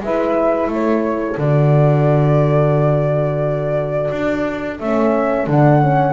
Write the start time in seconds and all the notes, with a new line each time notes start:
0.00 G#3 E4 B4 E5
0.67 A3 A4 C#5
1.37 D3 F#4 D5
4.11 D4
4.79 A3 C#4 E5
5.47 D3 D4 F#5
5.81 C#4